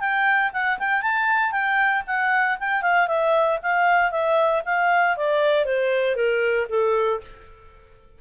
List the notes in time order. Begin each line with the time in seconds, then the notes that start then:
0.00 G5
0.53 F#5
0.79 G5
1.02 A5
1.52 G5
2.07 F#5
2.60 G5
2.82 F5
3.08 E5
3.63 F5
4.11 E5
4.65 F5
5.17 D5
5.65 C5
6.16 A#4
6.69 A4